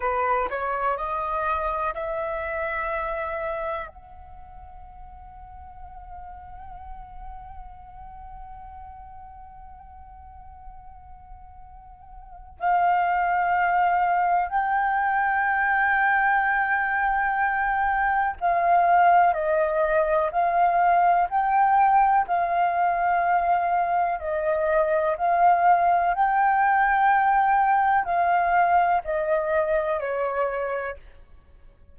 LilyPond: \new Staff \with { instrumentName = "flute" } { \time 4/4 \tempo 4 = 62 b'8 cis''8 dis''4 e''2 | fis''1~ | fis''1~ | fis''4 f''2 g''4~ |
g''2. f''4 | dis''4 f''4 g''4 f''4~ | f''4 dis''4 f''4 g''4~ | g''4 f''4 dis''4 cis''4 | }